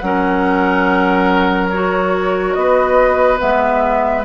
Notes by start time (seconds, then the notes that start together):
0.00 F#3 C#4 A#4 F#5
1.70 F#4 C#5
2.54 B3 B4 D#5
3.38 G#3 B3 E5